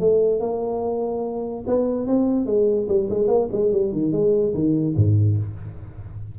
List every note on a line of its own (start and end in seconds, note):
0.00 0.40 A3
0.40 1.64 A#3
1.67 2.07 B3
2.07 2.46 C4
2.46 2.87 G#3
2.88 3.09 G3
3.10 3.27 G#3
3.27 3.48 A#3
3.52 3.72 G#3
3.72 3.92 G3
3.92 4.12 D#3
4.12 4.53 G#3
4.54 4.95 D#3
4.96 5.37 G#2